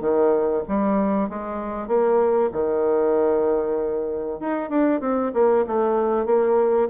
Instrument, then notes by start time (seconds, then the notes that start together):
bassoon
0.00 D#3
0.68 G3
1.29 G#3
1.87 A#3
2.52 D#3
4.40 D#4
4.69 D4
5.00 C4
5.33 A#3
5.66 A3
6.25 A#3